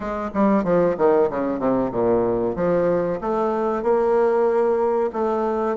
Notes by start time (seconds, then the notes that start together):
0.00 G#3
0.34 G3
0.64 F3
0.97 D#3
1.30 C#3
1.59 C3
1.91 A#2
2.55 F3
3.20 A3
3.82 A#3
5.12 A3